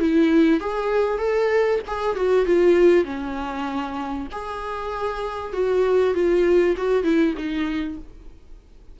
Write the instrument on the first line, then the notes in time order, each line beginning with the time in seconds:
viola
0.00 E4
0.60 G#4
1.18 A4
1.87 G#4
2.16 F#4
2.46 F4
3.05 C#4
4.32 G#4
5.53 F#4
6.14 F4
6.77 F#4
7.04 E4
7.37 D#4